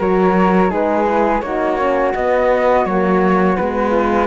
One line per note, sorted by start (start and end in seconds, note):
0.00 0.72 F#3
0.00 0.69 F#4
0.00 0.71 A#4
0.00 0.73 C#5
0.69 1.43 G#3
0.69 1.05 D#4
0.69 1.42 G#4
0.69 1.41 B4
1.06 1.41 E4
1.41 2.14 A#3
1.41 1.79 D#4
1.41 3.90 F#4
1.41 2.12 C#5
1.79 2.15 C#4
2.15 2.87 B3
2.15 2.86 B3
2.15 2.86 D#5
2.86 3.57 F#3
2.86 3.58 A#3
2.86 3.57 C#5
3.57 4.28 G#3
3.57 4.28 B3
3.57 4.28 B4
3.90 4.26 F4